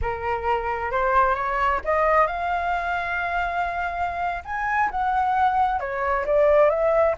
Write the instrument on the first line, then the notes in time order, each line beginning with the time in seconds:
flute
0.01 A#4
0.91 C5
1.34 C#5
1.84 D#5
2.26 F5
4.44 G#5
4.90 F#5
5.80 C#5
6.25 D5
6.69 E5